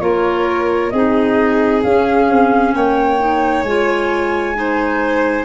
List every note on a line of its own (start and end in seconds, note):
0.00 0.91 A#3
0.00 0.92 F4
0.00 0.93 A#4
0.00 0.90 C#5
0.90 1.84 C4
0.90 1.85 D#4
0.90 2.75 G#4
0.90 1.81 D#5
1.83 2.29 C#4
1.83 3.20 C#4
1.83 2.74 F5
2.29 2.75 C4
2.75 3.63 A#3
2.75 4.57 C#5
2.75 3.63 G5
3.20 3.65 D#4
3.63 5.45 G#3
3.63 4.55 F4
3.63 5.45 G#5
4.55 5.45 D#4
4.55 5.45 C5